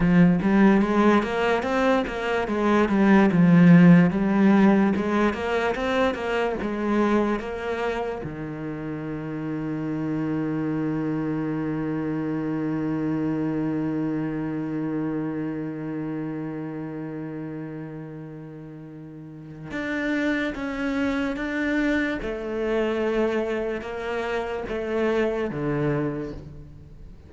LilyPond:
\new Staff \with { instrumentName = "cello" } { \time 4/4 \tempo 4 = 73 f8 g8 gis8 ais8 c'8 ais8 gis8 g8 | f4 g4 gis8 ais8 c'8 ais8 | gis4 ais4 dis2~ | dis1~ |
dis1~ | dis1 | d'4 cis'4 d'4 a4~ | a4 ais4 a4 d4 | }